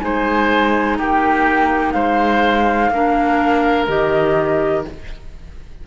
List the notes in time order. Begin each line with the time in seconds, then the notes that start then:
0.00 G#3 D#4 C5 G#5
0.98 A#3 G4 G5
1.92 G#3 C5 F5
2.90 A#3 D4 A#4
3.88 D#3 G4 D#5